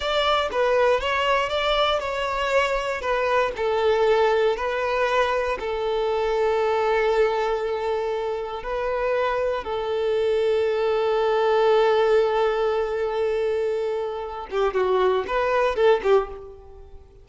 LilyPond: \new Staff \with { instrumentName = "violin" } { \time 4/4 \tempo 4 = 118 d''4 b'4 cis''4 d''4 | cis''2 b'4 a'4~ | a'4 b'2 a'4~ | a'1~ |
a'4 b'2 a'4~ | a'1~ | a'1~ | a'8 g'8 fis'4 b'4 a'8 g'8 | }